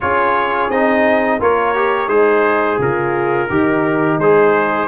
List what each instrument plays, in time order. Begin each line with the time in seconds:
0.01 tuba C#4, trombone F4, horn G#4, trumpet C#5
0.69 tuba C4, trombone D#4, trumpet D#5
1.39 tuba A#3, trombone F4, horn A#4, trumpet C#5
1.74 trombone G4
2.08 tuba G#3, horn D#4, trombone G#4, trumpet C5
2.78 tuba C#3, horn F4, trumpet A#4
3.49 tuba D#3, horn D#4, trombone G4
4.17 tuba G#3, trombone G#4, trumpet C5